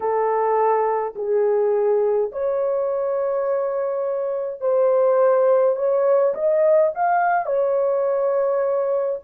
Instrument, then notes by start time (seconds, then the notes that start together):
horn
0.00 A4
1.15 G#4
2.31 C#5
4.60 C5
5.76 C#5
6.34 D#5
6.94 F5
7.46 C#5